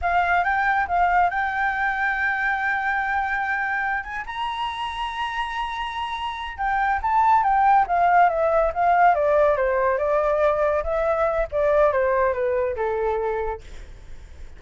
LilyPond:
\new Staff \with { instrumentName = "flute" } { \time 4/4 \tempo 4 = 141 f''4 g''4 f''4 g''4~ | g''1~ | g''4. gis''8 ais''2~ | ais''2.~ ais''8 g''8~ |
g''8 a''4 g''4 f''4 e''8~ | e''8 f''4 d''4 c''4 d''8~ | d''4. e''4. d''4 | c''4 b'4 a'2 | }